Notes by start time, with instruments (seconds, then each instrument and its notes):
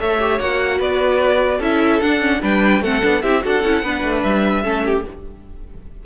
0.00 cello A3, viola A4, violin C#5 E5
0.20 viola G4
0.40 cello A#3, viola F#4, violin F#5
0.79 cello B3, violin B4 D5
1.58 cello C#4, viola E4, violin A4 E5
2.02 viola D4, cello D4, violin F#5
2.20 viola C#4
2.43 cello G3, viola D4, violin B4 G5
2.82 cello A3, viola C4, violin A4 F#5
3.03 cello B3, viola D4
3.23 cello C4, viola E4, violin G4 E5
3.42 cello D4, viola F#4, violin A4 F#5
3.64 cello C#4, viola E4
3.83 cello B3, viola D4, violin B4
4.04 cello A3
4.23 cello G3, violin E5
4.64 cello A3, viola C#4, violin A4
4.86 violin G4